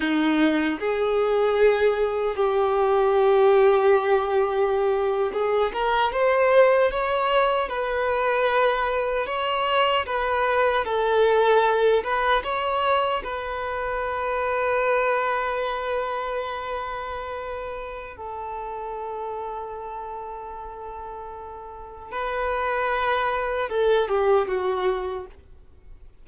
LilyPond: \new Staff \with { instrumentName = "violin" } { \time 4/4 \tempo 4 = 76 dis'4 gis'2 g'4~ | g'2~ g'8. gis'8 ais'8 c''16~ | c''8. cis''4 b'2 cis''16~ | cis''8. b'4 a'4. b'8 cis''16~ |
cis''8. b'2.~ b'16~ | b'2. a'4~ | a'1 | b'2 a'8 g'8 fis'4 | }